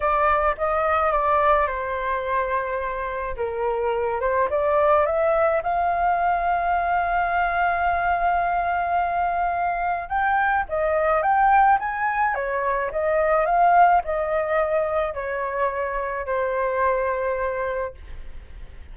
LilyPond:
\new Staff \with { instrumentName = "flute" } { \time 4/4 \tempo 4 = 107 d''4 dis''4 d''4 c''4~ | c''2 ais'4. c''8 | d''4 e''4 f''2~ | f''1~ |
f''2 g''4 dis''4 | g''4 gis''4 cis''4 dis''4 | f''4 dis''2 cis''4~ | cis''4 c''2. | }